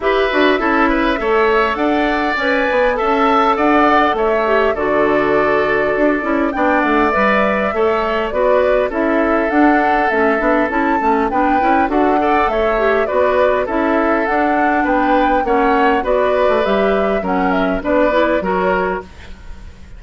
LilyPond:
<<
  \new Staff \with { instrumentName = "flute" } { \time 4/4 \tempo 4 = 101 e''2. fis''4 | gis''4 a''4 fis''4 e''4 | d''2. g''8 fis''8 | e''2 d''4 e''4 |
fis''4 e''4 a''4 g''4 | fis''4 e''4 d''4 e''4 | fis''4 g''4 fis''4 d''4 | e''4 fis''8 e''8 d''4 cis''4 | }
  \new Staff \with { instrumentName = "oboe" } { \time 4/4 b'4 a'8 b'8 cis''4 d''4~ | d''4 e''4 d''4 cis''4 | a'2. d''4~ | d''4 cis''4 b'4 a'4~ |
a'2. b'4 | a'8 d''8 cis''4 b'4 a'4~ | a'4 b'4 cis''4 b'4~ | b'4 ais'4 b'4 ais'4 | }
  \new Staff \with { instrumentName = "clarinet" } { \time 4/4 g'8 fis'8 e'4 a'2 | b'4 a'2~ a'8 g'8 | fis'2~ fis'8 e'8 d'4 | b'4 a'4 fis'4 e'4 |
d'4 cis'8 d'8 e'8 cis'8 d'8 e'8 | fis'8 a'4 g'8 fis'4 e'4 | d'2 cis'4 fis'4 | g'4 cis'4 d'8 e'8 fis'4 | }
  \new Staff \with { instrumentName = "bassoon" } { \time 4/4 e'8 d'8 cis'4 a4 d'4 | cis'8 b8 cis'4 d'4 a4 | d2 d'8 cis'8 b8 a8 | g4 a4 b4 cis'4 |
d'4 a8 b8 cis'8 a8 b8 cis'8 | d'4 a4 b4 cis'4 | d'4 b4 ais4 b8. a16 | g4 fis4 b4 fis4 | }
>>